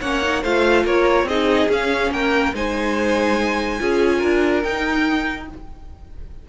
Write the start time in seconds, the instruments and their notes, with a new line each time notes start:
0.00 cello A#3, viola C#4, violin C#5 F#5
0.22 viola D#4
0.42 cello A3, viola F4, violin C5 F5
0.84 cello A#3, violin A#4 C#5
1.23 cello C4, viola D#4, violin G#4 D#5
1.68 cello C#4, viola C#4, violin F5
2.10 cello A#3, violin A#4 G5
2.53 cello G#3, viola D#4, violin C5 G#5
3.79 cello C#4, viola F4, violin G#4
4.18 cello D4, violin A#4
4.62 cello D#4, viola D#4, violin G5